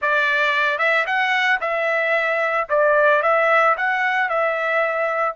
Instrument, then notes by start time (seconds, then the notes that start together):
trumpet
0.01 D5
0.78 E5
1.06 F#5
1.60 E5
2.69 D5
3.22 E5
3.77 F#5
4.29 E5